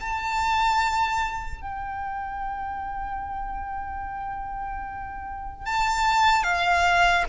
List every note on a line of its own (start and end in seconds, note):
0.00 1.61 A5
1.61 5.66 G5
5.66 6.43 A5
6.43 7.24 F5